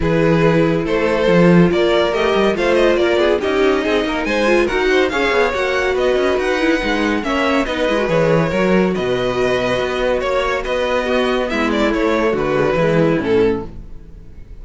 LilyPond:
<<
  \new Staff \with { instrumentName = "violin" } { \time 4/4 \tempo 4 = 141 b'2 c''2 | d''4 dis''4 f''8 dis''8 d''4 | dis''2 gis''4 fis''4 | f''4 fis''4 dis''4 fis''4~ |
fis''4 e''4 dis''4 cis''4~ | cis''4 dis''2. | cis''4 dis''2 e''8 d''8 | cis''4 b'2 a'4 | }
  \new Staff \with { instrumentName = "violin" } { \time 4/4 gis'2 a'2 | ais'2 c''4 ais'8 gis'8 | g'4 gis'8 ais'8 c''4 ais'8 c''8 | cis''2 b'2~ |
b'4 cis''4 b'2 | ais'4 b'2. | cis''4 b'4 fis'4 e'4~ | e'4 fis'4 e'2 | }
  \new Staff \with { instrumentName = "viola" } { \time 4/4 e'2. f'4~ | f'4 g'4 f'2 | dis'2~ dis'8 f'8 fis'4 | gis'4 fis'2~ fis'8 e'8 |
dis'4 cis'4 dis'8 e'16 fis'16 gis'4 | fis'1~ | fis'2 b2 | a4. gis16 fis16 gis4 cis'4 | }
  \new Staff \with { instrumentName = "cello" } { \time 4/4 e2 a4 f4 | ais4 a8 g8 a4 ais8 b8 | cis'4 c'8 ais8 gis4 dis'4 | cis'8 b8 ais4 b8 cis'8 dis'4 |
gis4 ais4 b8 gis8 e4 | fis4 b,2 b4 | ais4 b2 gis4 | a4 d4 e4 a,4 | }
>>